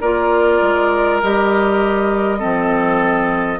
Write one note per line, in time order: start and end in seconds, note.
0.00 0.61 A#3
0.00 1.22 F4
0.00 2.39 A#4
0.00 1.20 D5
0.61 1.21 G#3
1.22 2.42 G3
1.22 2.38 G4
1.22 3.60 D#5
2.38 3.60 F3
2.38 3.58 C4
2.38 3.58 A4